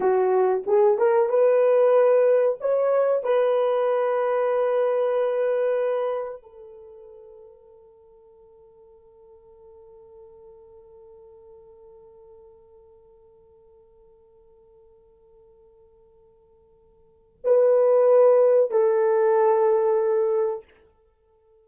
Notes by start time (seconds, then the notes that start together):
0.00 F#4
0.66 G#4
0.97 A#4
1.29 B4
2.60 C#5
3.23 B4
6.42 A4
17.43 B4
18.70 A4